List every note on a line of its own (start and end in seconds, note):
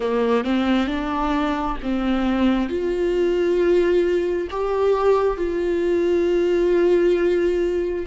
0.00 0.44 A#3
0.44 0.87 C4
0.87 1.77 D4
1.82 2.69 C4
2.69 4.48 F4
4.50 5.37 G4
5.37 8.06 F4